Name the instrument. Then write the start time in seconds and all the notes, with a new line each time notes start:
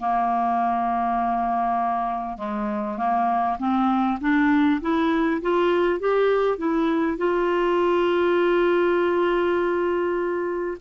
clarinet
0.00 A#3
2.38 G#3
2.98 A#3
3.59 C4
4.21 D4
4.82 E4
5.42 F4
6.00 G4
6.58 E4
7.18 F4